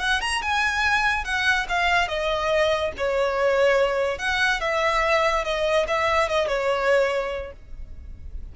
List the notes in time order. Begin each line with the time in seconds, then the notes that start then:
0.00 F#5
0.21 A#5
0.42 G#5
1.25 F#5
1.69 F5
2.08 D#5
2.97 C#5
4.18 F#5
4.61 E5
5.45 D#5
5.88 E5
6.29 D#5
6.48 C#5